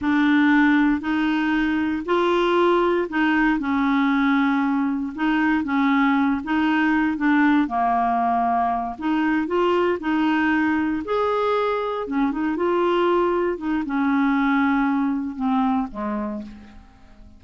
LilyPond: \new Staff \with { instrumentName = "clarinet" } { \time 4/4 \tempo 4 = 117 d'2 dis'2 | f'2 dis'4 cis'4~ | cis'2 dis'4 cis'4~ | cis'8 dis'4. d'4 ais4~ |
ais4. dis'4 f'4 dis'8~ | dis'4. gis'2 cis'8 | dis'8 f'2 dis'8 cis'4~ | cis'2 c'4 gis4 | }